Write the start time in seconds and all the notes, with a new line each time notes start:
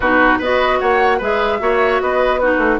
0.00 B2 D#4 F#4 B4
0.38 B3 F#4 B4 D#5
0.79 A#3 C#5 F#5
1.18 G#3 G#4 B4 E5
1.59 A#3 F#4 C#5
2.01 B3 B4 D#5
2.38 D#4 F#4 B4
2.57 A3